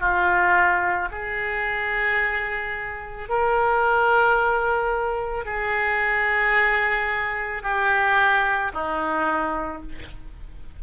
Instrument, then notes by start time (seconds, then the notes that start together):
oboe
0.00 F4
1.11 G#4
3.29 A#4
5.45 G#4
7.63 G4
8.73 D#4